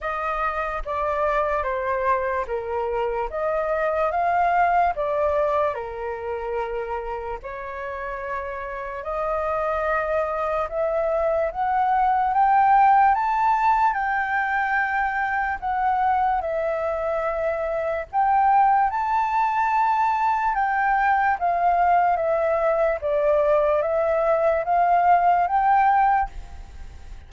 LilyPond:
\new Staff \with { instrumentName = "flute" } { \time 4/4 \tempo 4 = 73 dis''4 d''4 c''4 ais'4 | dis''4 f''4 d''4 ais'4~ | ais'4 cis''2 dis''4~ | dis''4 e''4 fis''4 g''4 |
a''4 g''2 fis''4 | e''2 g''4 a''4~ | a''4 g''4 f''4 e''4 | d''4 e''4 f''4 g''4 | }